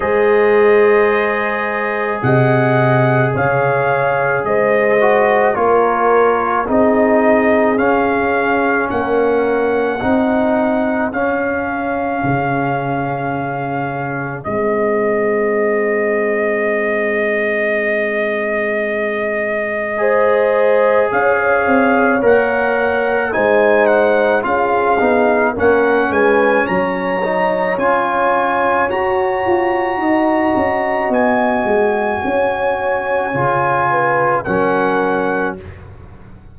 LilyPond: <<
  \new Staff \with { instrumentName = "trumpet" } { \time 4/4 \tempo 4 = 54 dis''2 fis''4 f''4 | dis''4 cis''4 dis''4 f''4 | fis''2 f''2~ | f''4 dis''2.~ |
dis''2. f''4 | fis''4 gis''8 fis''8 f''4 fis''8 gis''8 | ais''4 gis''4 ais''2 | gis''2. fis''4 | }
  \new Staff \with { instrumentName = "horn" } { \time 4/4 c''2 dis''4 cis''4 | c''4 ais'4 gis'2 | ais'4 gis'2.~ | gis'1~ |
gis'2 c''4 cis''4~ | cis''4 c''4 gis'4 ais'8 b'8 | cis''2. dis''4~ | dis''4 cis''4. b'8 ais'4 | }
  \new Staff \with { instrumentName = "trombone" } { \time 4/4 gis'1~ | gis'8 fis'8 f'4 dis'4 cis'4~ | cis'4 dis'4 cis'2~ | cis'4 c'2.~ |
c'2 gis'2 | ais'4 dis'4 f'8 dis'8 cis'4~ | cis'8 dis'8 f'4 fis'2~ | fis'2 f'4 cis'4 | }
  \new Staff \with { instrumentName = "tuba" } { \time 4/4 gis2 c4 cis4 | gis4 ais4 c'4 cis'4 | ais4 c'4 cis'4 cis4~ | cis4 gis2.~ |
gis2. cis'8 c'8 | ais4 gis4 cis'8 b8 ais8 gis8 | fis4 cis'4 fis'8 f'8 dis'8 cis'8 | b8 gis8 cis'4 cis4 fis4 | }
>>